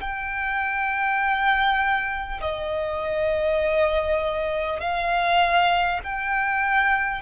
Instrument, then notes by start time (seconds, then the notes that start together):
violin
0.00 G5
2.40 D#5
4.80 F5
6.03 G5